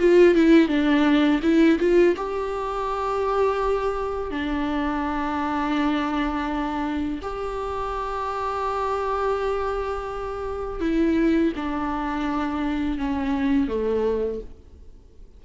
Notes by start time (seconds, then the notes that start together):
0.00 F4
0.35 E4
0.69 D4
1.43 E4
1.79 F4
2.17 G4
4.31 D4
7.23 G4
10.81 E4
11.57 D4
12.99 C#4
13.69 A3